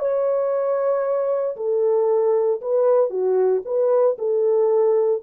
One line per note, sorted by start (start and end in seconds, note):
0.00 1.57 C#5
1.57 2.61 A4
2.62 3.11 B4
3.11 3.63 F#4
3.66 4.18 B4
4.19 5.23 A4